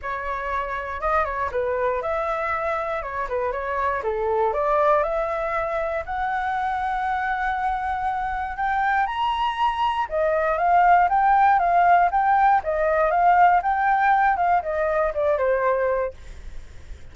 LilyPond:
\new Staff \with { instrumentName = "flute" } { \time 4/4 \tempo 4 = 119 cis''2 dis''8 cis''8 b'4 | e''2 cis''8 b'8 cis''4 | a'4 d''4 e''2 | fis''1~ |
fis''4 g''4 ais''2 | dis''4 f''4 g''4 f''4 | g''4 dis''4 f''4 g''4~ | g''8 f''8 dis''4 d''8 c''4. | }